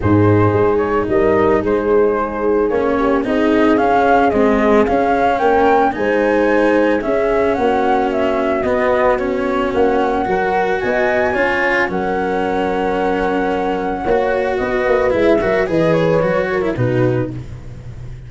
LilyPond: <<
  \new Staff \with { instrumentName = "flute" } { \time 4/4 \tempo 4 = 111 c''4. cis''8 dis''4 c''4~ | c''4 cis''4 dis''4 f''4 | dis''4 f''4 g''4 gis''4~ | gis''4 e''4 fis''4 e''4 |
dis''4 cis''4 fis''2 | gis''2 fis''2~ | fis''2. dis''4 | e''4 dis''8 cis''4. b'4 | }
  \new Staff \with { instrumentName = "horn" } { \time 4/4 gis'2 ais'4 gis'4~ | gis'4. g'8 gis'2~ | gis'2 ais'4 c''4~ | c''4 gis'4 fis'2~ |
fis'2. ais'4 | dis''4 cis''4 ais'2~ | ais'2 cis''4 b'4~ | b'8 ais'8 b'4. ais'8 fis'4 | }
  \new Staff \with { instrumentName = "cello" } { \time 4/4 dis'1~ | dis'4 cis'4 dis'4 cis'4 | gis4 cis'2 dis'4~ | dis'4 cis'2. |
b4 cis'2 fis'4~ | fis'4 f'4 cis'2~ | cis'2 fis'2 | e'8 fis'8 gis'4 fis'8. e'16 dis'4 | }
  \new Staff \with { instrumentName = "tuba" } { \time 4/4 gis,4 gis4 g4 gis4~ | gis4 ais4 c'4 cis'4 | c'4 cis'4 ais4 gis4~ | gis4 cis'4 ais2 |
b2 ais4 fis4 | b4 cis'4 fis2~ | fis2 ais4 b8 ais8 | gis8 fis8 e4 fis4 b,4 | }
>>